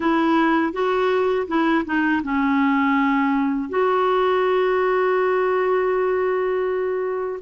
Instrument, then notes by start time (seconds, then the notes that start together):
clarinet
0.00 E4
0.72 F#4
1.47 E4
1.85 D#4
2.23 C#4
3.69 F#4